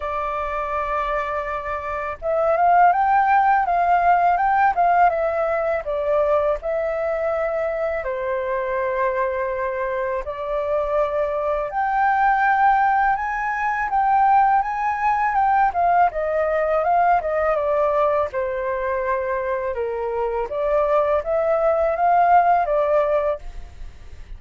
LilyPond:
\new Staff \with { instrumentName = "flute" } { \time 4/4 \tempo 4 = 82 d''2. e''8 f''8 | g''4 f''4 g''8 f''8 e''4 | d''4 e''2 c''4~ | c''2 d''2 |
g''2 gis''4 g''4 | gis''4 g''8 f''8 dis''4 f''8 dis''8 | d''4 c''2 ais'4 | d''4 e''4 f''4 d''4 | }